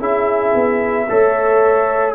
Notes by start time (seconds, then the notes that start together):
0.00 C#4 E4 G#4 E5
0.55 B3
1.10 A3 A4 C#5